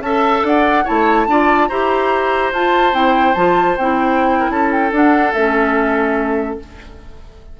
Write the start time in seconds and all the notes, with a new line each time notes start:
0.00 C#4 A4 E5 A5
0.43 D4 D5 F#5
0.84 A3 E4 C#5 A5
1.27 D4 F4 D5
1.67 E4 G4 C5 A#5
2.52 F4 A5
2.92 C4 E4 G5
3.34 F3 F4 A5
3.77 C4 E4 G5
4.39 A#4
4.49 C#4 A4 A5
4.71 G5
4.91 D4 F#5
5.32 A3 C#4 E5